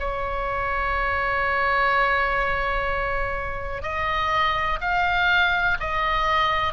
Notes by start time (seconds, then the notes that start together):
0.00 C#5
3.83 D#5
4.81 F5
5.80 D#5